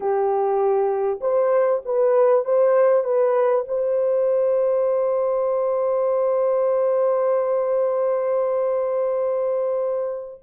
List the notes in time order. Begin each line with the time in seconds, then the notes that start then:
0.00 G4
1.21 C5
1.85 B4
2.45 C5
3.03 B4
3.68 C5